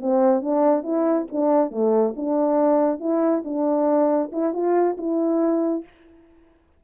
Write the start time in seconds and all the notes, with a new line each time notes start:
0.00 C4
0.41 D4
0.83 E4
1.32 D4
1.71 A3
2.16 D4
3.00 E4
3.44 D4
4.32 E4
4.53 F4
4.97 E4